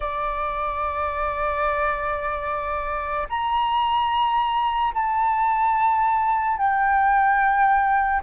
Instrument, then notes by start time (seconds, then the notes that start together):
flute
0.00 D5
3.29 A#5
4.94 A5
6.58 G5